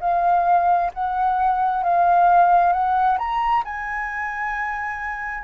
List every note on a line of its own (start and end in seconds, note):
0.00 0.91 F5
0.94 1.83 F#5
1.83 2.72 F5
2.72 3.18 F#5
3.18 3.63 A#5
3.64 5.43 G#5